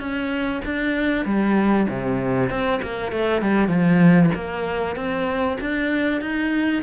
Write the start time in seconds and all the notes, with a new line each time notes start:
0.00 C#4
0.66 D4
1.26 G3
1.89 C3
2.50 C4
2.82 A#3
3.12 A3
3.42 G3
3.69 F3
4.35 A#3
4.96 C4
5.61 D4
6.21 D#4